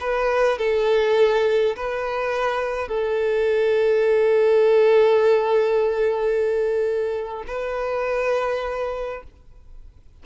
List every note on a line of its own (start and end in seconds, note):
0.00 0.58 B4
0.58 1.76 A4
1.76 2.88 B4
2.88 7.44 A4
7.47 9.23 B4